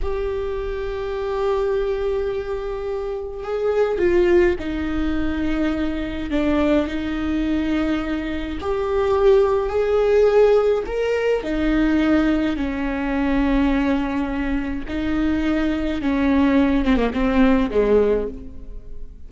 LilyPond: \new Staff \with { instrumentName = "viola" } { \time 4/4 \tempo 4 = 105 g'1~ | g'2 gis'4 f'4 | dis'2. d'4 | dis'2. g'4~ |
g'4 gis'2 ais'4 | dis'2 cis'2~ | cis'2 dis'2 | cis'4. c'16 ais16 c'4 gis4 | }